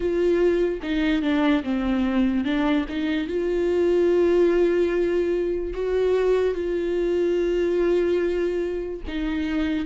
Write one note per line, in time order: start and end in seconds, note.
0.00 0.80 F4
0.82 1.21 D#4
1.21 1.63 D4
1.63 2.44 C4
2.44 2.85 D4
2.88 3.27 D#4
3.27 5.73 F4
5.73 6.54 F#4
6.54 9.01 F4
9.07 9.85 D#4